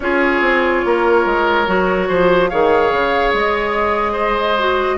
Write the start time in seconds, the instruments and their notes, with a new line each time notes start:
0.00 bassoon C#4, clarinet F4, oboe G#4, flute C#5
0.40 bassoon C4
0.85 bassoon A#3, oboe A#4
1.25 bassoon G#3
1.66 bassoon F#3, clarinet F#4
2.08 bassoon F3, oboe C5
2.48 bassoon D#3, clarinet G#4, oboe C#5, flute F5
2.92 bassoon C#3
3.33 bassoon G#3, flute D#5
4.12 oboe C5
4.58 clarinet F#4